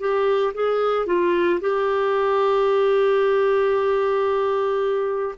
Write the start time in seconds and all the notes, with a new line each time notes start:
0.00 G4
0.55 G#4
1.07 F4
1.61 G4